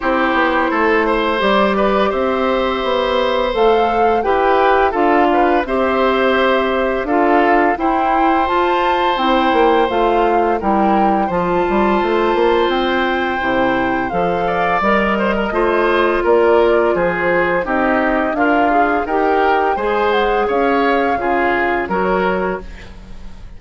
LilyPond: <<
  \new Staff \with { instrumentName = "flute" } { \time 4/4 \tempo 4 = 85 c''2 d''4 e''4~ | e''4 f''4 g''4 f''4 | e''2 f''4 g''4 | a''4 g''4 f''4 g''4 |
a''2 g''2 | f''4 dis''2 d''4 | c''4 dis''4 f''4 g''4 | gis''8 fis''8 f''2 cis''4 | }
  \new Staff \with { instrumentName = "oboe" } { \time 4/4 g'4 a'8 c''4 b'8 c''4~ | c''2 b'4 a'8 b'8 | c''2 a'4 c''4~ | c''2. ais'4 |
c''1~ | c''8 d''4 c''16 ais'16 c''4 ais'4 | gis'4 g'4 f'4 ais'4 | c''4 cis''4 gis'4 ais'4 | }
  \new Staff \with { instrumentName = "clarinet" } { \time 4/4 e'2 g'2~ | g'4 a'4 g'4 f'4 | g'2 f'4 e'4 | f'4 e'4 f'4 e'4 |
f'2. e'4 | a'4 ais'4 f'2~ | f'4 dis'4 ais'8 gis'8 g'4 | gis'2 f'4 fis'4 | }
  \new Staff \with { instrumentName = "bassoon" } { \time 4/4 c'8 b8 a4 g4 c'4 | b4 a4 e'4 d'4 | c'2 d'4 e'4 | f'4 c'8 ais8 a4 g4 |
f8 g8 a8 ais8 c'4 c4 | f4 g4 a4 ais4 | f4 c'4 d'4 dis'4 | gis4 cis'4 cis4 fis4 | }
>>